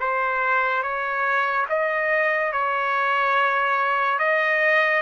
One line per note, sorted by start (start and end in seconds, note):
0.00 0.83 C5
0.83 1.66 C#5
1.69 2.52 D#5
2.52 4.19 C#5
4.19 5.02 D#5